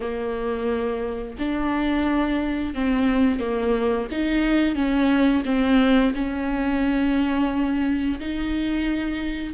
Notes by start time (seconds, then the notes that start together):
0.00 A#3
1.39 D4
2.74 C4
3.39 A#3
4.11 D#4
4.75 C#4
5.45 C4
6.14 C#4
8.19 D#4